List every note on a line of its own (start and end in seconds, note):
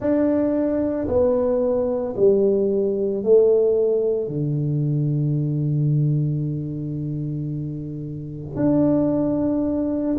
0.00 1.07 D4
1.08 2.15 B3
2.16 3.23 G3
3.23 4.27 A3
4.27 8.56 D3
8.56 10.16 D4